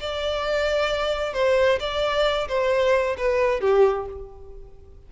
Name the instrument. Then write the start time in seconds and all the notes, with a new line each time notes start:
violin
0.00 D5
1.33 C5
1.79 D5
2.48 C5
3.17 B4
3.60 G4